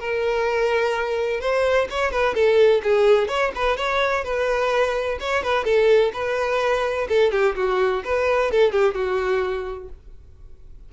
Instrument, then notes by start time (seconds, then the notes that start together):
violin
0.00 A#4
1.41 C5
1.90 C#5
2.12 B4
2.35 A4
2.83 G#4
3.28 C#5
3.55 B4
3.77 C#5
4.24 B4
5.20 C#5
5.43 B4
5.65 A4
6.13 B4
7.09 A4
7.32 G4
7.56 F#4
8.05 B4
8.51 A4
8.72 G4
8.94 F#4